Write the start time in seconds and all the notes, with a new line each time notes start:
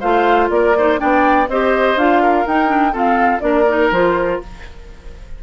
0.00 A3 F4 C5 F5
0.50 A#3 A#4 D5
0.77 D#4 C5
0.98 B3 D4 D5 G5
1.48 C4 G4 C5 D#5
1.96 D4 F4 F5
2.23 A#4
2.47 D#4 G5
2.67 D4
2.92 C4 F4 A4 F5
3.40 A#3 D4 A#4 D5
3.68 D#4
3.91 F3 F4 C5